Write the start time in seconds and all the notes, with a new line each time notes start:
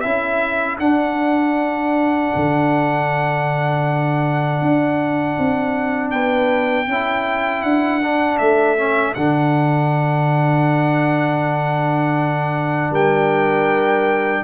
0.00 C#4 E4 A4 E5
0.79 D4 F#5
2.35 D3
4.61 D4
5.38 C4
6.11 B3 B4 G5
6.87 C#4 E4 A4
7.62 D4 F#5
8.01 D4
8.38 A3 E5
8.77 C#4
9.14 D3 D4 F#5
12.91 G3 A#4 G5